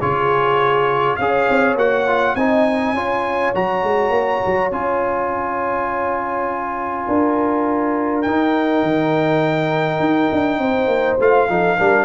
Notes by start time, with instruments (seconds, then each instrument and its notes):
0.00 tuba C#3, trombone F4, horn G#4, trumpet C#5
1.16 tuba C#4, trombone G#4, horn C#5, trumpet F5
1.49 tuba C4
1.75 tuba A#3, trombone F#4, trumpet F#5
2.07 trombone F4
2.35 tuba C4, trombone D#4, horn D#5, trumpet G#5
2.93 tuba C#4, trombone F4, horn C#5
3.54 tuba F#3, trombone F#4, trumpet A#5
3.83 tuba G#3
4.10 tuba A#3
4.45 tuba F#3
4.71 tuba C#4, trombone F4, trumpet G#5
7.07 tuba D4, horn A#4
8.22 tuba D#4, trumpet G5
8.28 trombone D#4
8.82 tuba D#3
10.00 tuba D#4
10.32 tuba D4
10.58 tuba C4, horn C5
10.87 tuba A#3
11.19 tuba A3, trombone F4, trumpet F5
11.49 tuba F3, trombone D#4, horn A4
11.77 tuba G3, trombone D4, horn A#4